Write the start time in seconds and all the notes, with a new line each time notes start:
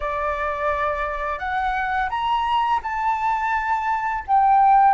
0.00 D5
1.38 F#5
2.09 A#5
2.82 A5
4.27 G5